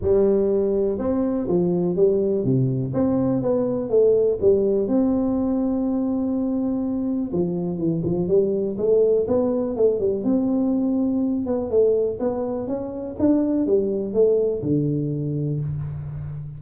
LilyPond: \new Staff \with { instrumentName = "tuba" } { \time 4/4 \tempo 4 = 123 g2 c'4 f4 | g4 c4 c'4 b4 | a4 g4 c'2~ | c'2. f4 |
e8 f8 g4 a4 b4 | a8 g8 c'2~ c'8 b8 | a4 b4 cis'4 d'4 | g4 a4 d2 | }